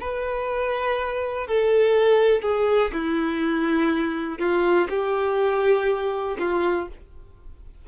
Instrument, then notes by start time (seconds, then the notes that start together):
violin
0.00 B4
1.47 A4
2.42 G#4
2.93 E4
4.39 F4
4.89 G4
6.39 F4